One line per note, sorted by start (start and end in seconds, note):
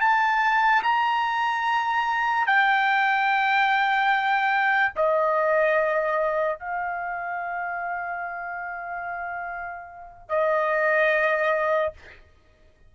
0.00 0.82 A5
0.83 2.46 A#5
2.46 4.93 G5
4.96 6.59 D#5
6.59 10.29 F5
10.29 11.93 D#5